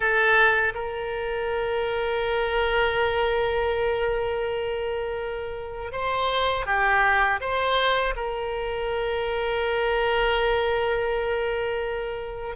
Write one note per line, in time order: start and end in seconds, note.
0.00 0.73 A4
0.74 5.92 A#4
5.92 6.66 C5
6.66 7.40 G4
7.40 8.14 C5
8.16 12.56 A#4